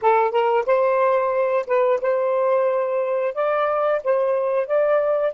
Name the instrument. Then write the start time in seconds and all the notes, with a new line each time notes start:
saxophone
0.01 A4
0.31 A#4
0.66 C5
1.66 B4
2.01 C5
3.34 D5
4.04 C5
4.66 D5